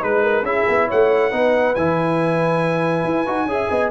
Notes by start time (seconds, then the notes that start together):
0.00 G#3 D#4 B4
0.22 A#4
0.42 C#4 E4 G#4 E5
0.68 B3
0.87 A3 C#5 F#5
1.30 B3 D#4 B4
1.75 E3 E4 G#5
3.04 E4
3.26 D#4 F#4
3.46 C#4 G#4 E5
3.70 B3 D#5